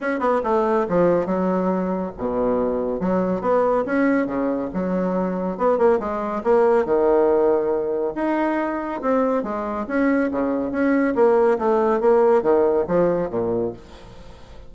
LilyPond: \new Staff \with { instrumentName = "bassoon" } { \time 4/4 \tempo 4 = 140 cis'8 b8 a4 f4 fis4~ | fis4 b,2 fis4 | b4 cis'4 cis4 fis4~ | fis4 b8 ais8 gis4 ais4 |
dis2. dis'4~ | dis'4 c'4 gis4 cis'4 | cis4 cis'4 ais4 a4 | ais4 dis4 f4 ais,4 | }